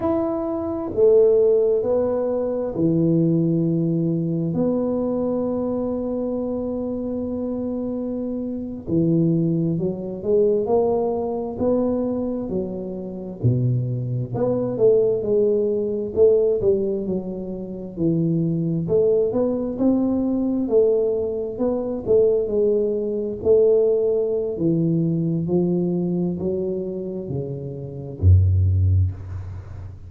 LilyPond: \new Staff \with { instrumentName = "tuba" } { \time 4/4 \tempo 4 = 66 e'4 a4 b4 e4~ | e4 b2.~ | b4.~ b16 e4 fis8 gis8 ais16~ | ais8. b4 fis4 b,4 b16~ |
b16 a8 gis4 a8 g8 fis4 e16~ | e8. a8 b8 c'4 a4 b16~ | b16 a8 gis4 a4~ a16 e4 | f4 fis4 cis4 fis,4 | }